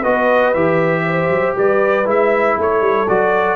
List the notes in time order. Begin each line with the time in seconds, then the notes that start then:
0.00 B3 F#4 B4 D#5
0.54 E3 G4 E5
1.05 C5
1.29 F#3
1.55 G3 B4 D5
2.05 G#3 E4 E5
2.58 A3 A4 C#5
2.81 G3
3.08 F#3 F#4 D5